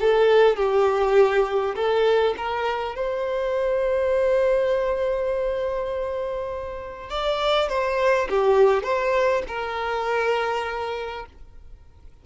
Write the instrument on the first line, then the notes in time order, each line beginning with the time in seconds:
violin
0.00 A4
0.56 G4
1.75 A4
2.37 A#4
2.95 C5
7.09 D5
7.68 C5
8.29 G4
8.83 C5
9.48 A#4